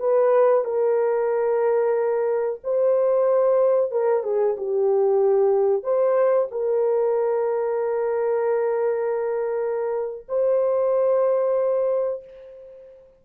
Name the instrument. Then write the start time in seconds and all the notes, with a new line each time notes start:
horn
0.00 B4
0.65 A#4
2.64 C5
3.92 A#4
4.24 G#4
4.58 G4
5.83 C5
6.52 A#4
10.29 C5